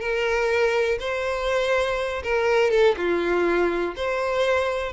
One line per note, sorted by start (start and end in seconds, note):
0.00 0.98 A#4
1.00 2.23 C5
2.23 2.70 A#4
2.70 2.95 A4
2.97 3.95 F4
3.96 4.92 C5